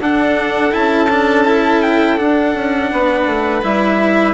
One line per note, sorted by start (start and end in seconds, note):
0.00 0.72 D4
0.00 2.91 A4
0.00 0.74 F#5
0.72 2.21 C#4
0.72 1.08 E4
0.72 1.83 A5
1.10 1.45 D4
1.45 2.17 E4
1.83 2.19 G5
2.17 3.62 D4
2.17 2.55 D4
2.17 3.63 F#5
2.55 2.91 C#4
2.92 3.27 B3
2.92 4.35 B4
3.27 3.63 A3
3.63 4.35 G3
3.63 4.35 E4
3.63 4.35 E5